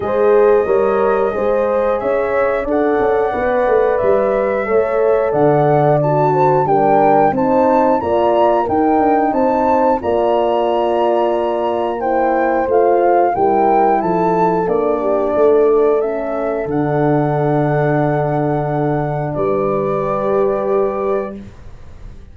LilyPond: <<
  \new Staff \with { instrumentName = "flute" } { \time 4/4 \tempo 4 = 90 dis''2. e''4 | fis''2 e''2 | fis''4 a''4 g''4 a''4 | ais''4 g''4 a''4 ais''4~ |
ais''2 g''4 f''4 | g''4 a''4 d''2 | e''4 fis''2.~ | fis''4 d''2. | }
  \new Staff \with { instrumentName = "horn" } { \time 4/4 c''4 cis''4 c''4 cis''4 | d''2. cis''4 | d''4. c''8 ais'4 c''4 | d''4 ais'4 c''4 d''4~ |
d''2 c''2 | ais'4 a'4. g'8 a'4~ | a'1~ | a'4 b'2. | }
  \new Staff \with { instrumentName = "horn" } { \time 4/4 gis'4 ais'4 gis'2 | a'4 b'2 a'4~ | a'4 fis'4 d'4 dis'4 | f'4 dis'2 f'4~ |
f'2 e'4 f'4 | e'2 d'2 | cis'4 d'2.~ | d'2 g'2 | }
  \new Staff \with { instrumentName = "tuba" } { \time 4/4 gis4 g4 gis4 cis'4 | d'8 cis'8 b8 a8 g4 a4 | d2 g4 c'4 | ais4 dis'8 d'8 c'4 ais4~ |
ais2. a4 | g4 f4 ais4 a4~ | a4 d2.~ | d4 g2. | }
>>